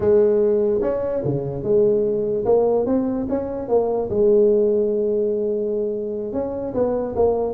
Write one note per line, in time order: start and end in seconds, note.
0.00 0.80 G#3
0.81 1.22 C#4
1.24 1.63 C#3
1.63 2.45 G#3
2.45 2.86 A#3
2.86 3.27 C4
3.29 3.68 C#4
3.68 4.09 A#3
4.09 6.32 G#3
6.32 6.73 C#4
6.73 7.14 B3
7.15 7.53 A#3